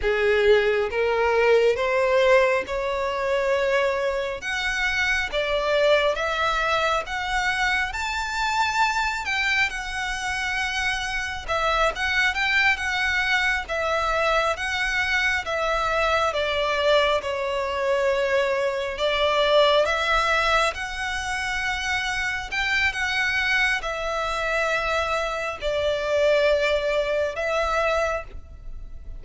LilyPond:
\new Staff \with { instrumentName = "violin" } { \time 4/4 \tempo 4 = 68 gis'4 ais'4 c''4 cis''4~ | cis''4 fis''4 d''4 e''4 | fis''4 a''4. g''8 fis''4~ | fis''4 e''8 fis''8 g''8 fis''4 e''8~ |
e''8 fis''4 e''4 d''4 cis''8~ | cis''4. d''4 e''4 fis''8~ | fis''4. g''8 fis''4 e''4~ | e''4 d''2 e''4 | }